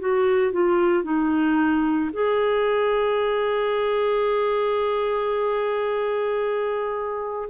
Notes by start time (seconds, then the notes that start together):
0.00 F#4
0.53 F4
1.04 D#4
2.13 G#4